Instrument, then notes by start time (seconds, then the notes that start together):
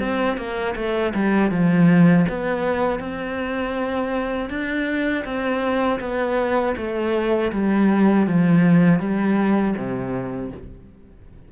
cello
0.00 C4
0.38 A#3
0.76 A3
1.15 G3
1.51 F3
2.29 B3
3.00 C4
4.50 D4
5.25 C4
6.00 B3
6.77 A3
7.52 G3
8.27 F3
9.00 G3
9.77 C3